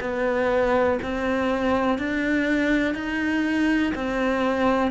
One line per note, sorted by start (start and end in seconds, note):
0.00 0.98 B3
1.02 1.98 C4
1.98 2.94 D4
2.94 3.93 D#4
3.95 4.91 C4